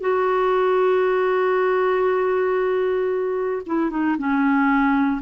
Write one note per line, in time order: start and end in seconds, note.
0.00 3.62 F#4
3.66 3.90 E4
3.90 4.16 D#4
4.18 5.21 C#4